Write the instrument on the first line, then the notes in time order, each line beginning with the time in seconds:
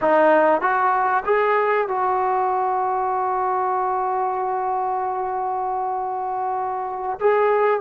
trombone
0.01 D#4
0.61 F#4
1.25 G#4
1.88 F#4
7.20 G#4